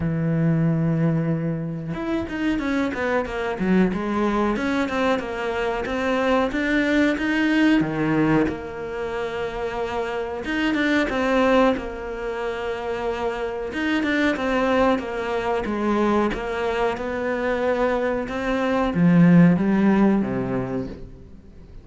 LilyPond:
\new Staff \with { instrumentName = "cello" } { \time 4/4 \tempo 4 = 92 e2. e'8 dis'8 | cis'8 b8 ais8 fis8 gis4 cis'8 c'8 | ais4 c'4 d'4 dis'4 | dis4 ais2. |
dis'8 d'8 c'4 ais2~ | ais4 dis'8 d'8 c'4 ais4 | gis4 ais4 b2 | c'4 f4 g4 c4 | }